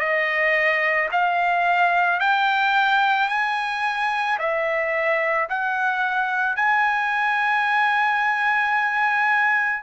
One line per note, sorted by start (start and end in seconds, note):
0.00 1.09 D#5
1.12 2.20 F5
2.20 3.29 G5
3.29 4.38 G#5
4.39 5.48 E5
5.49 6.57 F#5
6.57 9.83 G#5